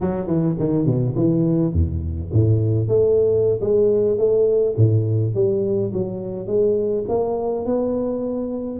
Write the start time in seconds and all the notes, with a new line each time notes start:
0.00 F#3
0.26 E3
0.59 D#3
0.85 B2
1.15 E3
1.73 E2
2.33 A2
2.88 A3
3.60 G#3
4.17 A3
4.76 A2
5.34 G3
5.93 F#3
6.46 G#3
7.08 A#3
7.65 B3